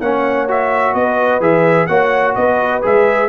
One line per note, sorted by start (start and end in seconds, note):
0.00 0.94 A#3
0.00 0.48 C#4
0.00 0.95 C#5
0.00 0.47 F#5
0.48 1.41 F#4
0.48 0.94 E5
0.94 1.40 B3
0.94 1.88 B4
0.94 1.41 D#5
1.40 1.87 E3
1.40 1.87 G#4
1.40 1.87 E5
1.87 2.35 A#3
1.87 2.81 F#4
1.87 2.35 C#5
1.87 2.33 F#5
2.35 2.83 B3
2.35 3.29 B4
2.35 2.81 D#5
2.81 3.29 G#3
2.81 3.28 G#4
2.81 3.29 E5